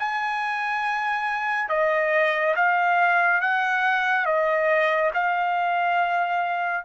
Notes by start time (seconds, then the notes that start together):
0.00 G#5
1.69 D#5
2.56 F5
3.42 F#5
4.26 D#5
5.14 F5